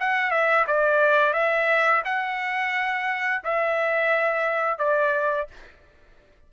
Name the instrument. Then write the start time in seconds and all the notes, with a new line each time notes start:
trumpet
0.00 F#5
0.31 E5
0.67 D5
1.33 E5
2.04 F#5
3.44 E5
4.78 D5